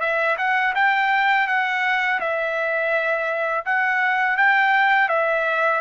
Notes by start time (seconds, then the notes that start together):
0.00 E5
0.37 F#5
0.75 G5
1.47 F#5
2.20 E5
3.65 F#5
4.37 G5
5.09 E5